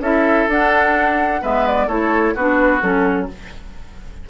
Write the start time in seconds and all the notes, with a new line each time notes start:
0.00 C#4 E4 A4 E5
0.48 D4 F#5
1.42 G#3 B3 B4 E5
1.67 D5
1.87 A3 E4 A4 C#5
2.35 B3 D4 F#4 B4
2.82 F#3 C#4 A4